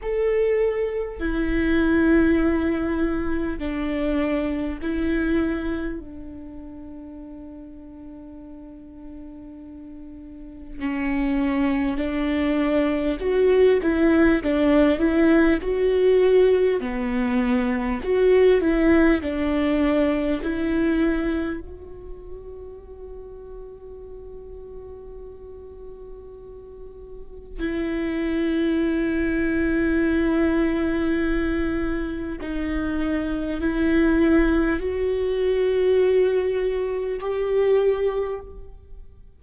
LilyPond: \new Staff \with { instrumentName = "viola" } { \time 4/4 \tempo 4 = 50 a'4 e'2 d'4 | e'4 d'2.~ | d'4 cis'4 d'4 fis'8 e'8 | d'8 e'8 fis'4 b4 fis'8 e'8 |
d'4 e'4 fis'2~ | fis'2. e'4~ | e'2. dis'4 | e'4 fis'2 g'4 | }